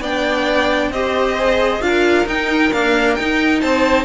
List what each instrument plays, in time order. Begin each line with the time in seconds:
0.00 cello B3, viola D4, violin D5 G5
0.90 cello C4, viola G4, violin C5 D#5
1.38 viola G#4
1.81 cello D4, viola F4, violin A#4 F5
2.26 cello D#4, viola D#4, violin G5
2.72 viola A#3, cello D4, violin F5
3.15 cello D#4, viola D#4, violin G5
3.60 cello C4, violin C5 A5